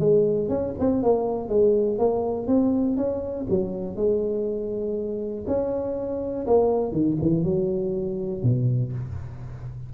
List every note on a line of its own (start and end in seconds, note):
0.00 0.49 G#3
0.49 0.74 C#4
0.80 1.03 C4
1.03 1.49 A#3
1.49 1.99 G#3
1.99 2.47 A#3
2.47 2.97 C4
2.97 3.47 C#4
3.50 3.96 F#3
3.96 5.45 G#3
5.47 6.47 C#4
6.47 6.92 A#3
6.92 7.17 D#3
7.22 7.44 E3
7.44 8.43 F#3
8.43 8.93 B2